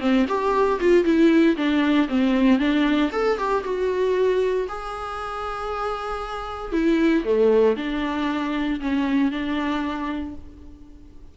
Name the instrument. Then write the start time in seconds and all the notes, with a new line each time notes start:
viola
0.00 C4
0.28 G4
0.80 F4
1.04 E4
1.56 D4
2.08 C4
2.59 D4
3.12 A4
3.38 G4
3.64 F#4
4.68 G#4
6.72 E4
7.24 A3
7.77 D4
8.80 C#4
9.31 D4